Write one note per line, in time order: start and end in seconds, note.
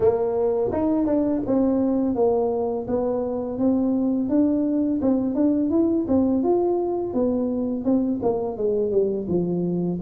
0.00 0.71 A#3
0.72 1.06 D#4
1.06 1.41 D4
1.46 2.15 C4
2.15 2.86 A#3
2.87 3.58 B3
3.58 4.29 C4
4.29 5.00 D4
5.01 5.34 C4
5.34 5.70 D4
5.70 6.06 E4
6.07 6.43 C4
6.43 7.13 F4
7.13 7.84 B3
7.84 8.19 C4
8.22 8.57 A#3
8.57 8.91 G#3
8.91 9.26 G3
9.28 9.99 F3